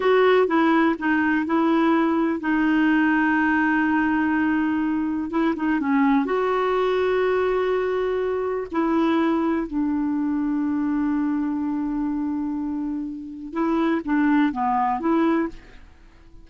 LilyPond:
\new Staff \with { instrumentName = "clarinet" } { \time 4/4 \tempo 4 = 124 fis'4 e'4 dis'4 e'4~ | e'4 dis'2.~ | dis'2. e'8 dis'8 | cis'4 fis'2.~ |
fis'2 e'2 | d'1~ | d'1 | e'4 d'4 b4 e'4 | }